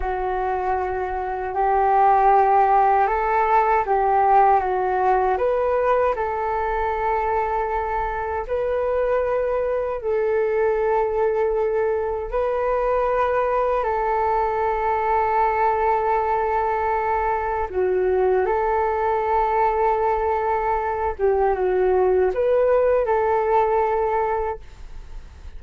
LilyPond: \new Staff \with { instrumentName = "flute" } { \time 4/4 \tempo 4 = 78 fis'2 g'2 | a'4 g'4 fis'4 b'4 | a'2. b'4~ | b'4 a'2. |
b'2 a'2~ | a'2. fis'4 | a'2.~ a'8 g'8 | fis'4 b'4 a'2 | }